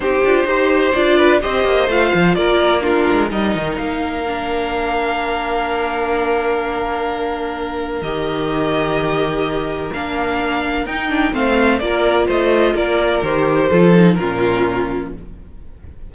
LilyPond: <<
  \new Staff \with { instrumentName = "violin" } { \time 4/4 \tempo 4 = 127 c''2 d''4 dis''4 | f''4 d''4 ais'4 dis''4 | f''1~ | f''1~ |
f''4 dis''2.~ | dis''4 f''2 g''4 | f''4 d''4 dis''4 d''4 | c''2 ais'2 | }
  \new Staff \with { instrumentName = "violin" } { \time 4/4 g'4 c''4. b'8 c''4~ | c''4 ais'4 f'4 ais'4~ | ais'1~ | ais'1~ |
ais'1~ | ais'1 | c''4 ais'4 c''4 ais'4~ | ais'4 a'4 f'2 | }
  \new Staff \with { instrumentName = "viola" } { \time 4/4 dis'8 f'8 g'4 f'4 g'4 | f'2 d'4 dis'4~ | dis'4 d'2.~ | d'1~ |
d'4 g'2.~ | g'4 d'2 dis'8 d'8 | c'4 f'2. | g'4 f'8 dis'8 cis'2 | }
  \new Staff \with { instrumentName = "cello" } { \time 4/4 c'8 d'8 dis'4 d'4 c'8 ais8 | a8 f8 ais4. gis8 g8 dis8 | ais1~ | ais1~ |
ais4 dis2.~ | dis4 ais2 dis'4 | a4 ais4 a4 ais4 | dis4 f4 ais,2 | }
>>